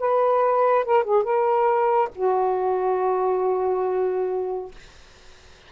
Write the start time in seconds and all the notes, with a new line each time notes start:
0.00 B4
0.85 A#4
1.04 G#4
1.23 A#4
2.15 F#4